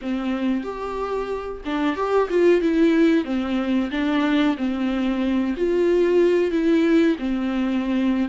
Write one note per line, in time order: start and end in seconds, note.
0.01 0.63 C4
0.63 1.61 G4
1.65 1.96 D4
1.96 2.28 G4
2.29 2.61 F4
2.61 3.25 E4
3.25 3.90 C4
3.91 4.56 D4
4.57 5.55 C4
5.56 6.51 F4
6.51 7.16 E4
7.18 8.29 C4